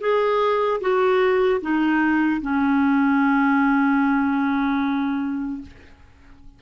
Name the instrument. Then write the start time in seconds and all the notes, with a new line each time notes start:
clarinet
0.00 G#4
0.80 F#4
1.61 D#4
2.41 C#4